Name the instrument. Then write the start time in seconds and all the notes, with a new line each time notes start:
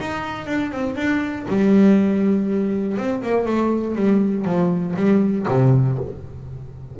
double bass
0.00 D#4
0.47 D4
0.72 C4
0.96 D4
1.48 G3
2.97 C4
3.22 A#3
3.45 A3
3.95 G3
4.45 F3
4.96 G3
5.48 C3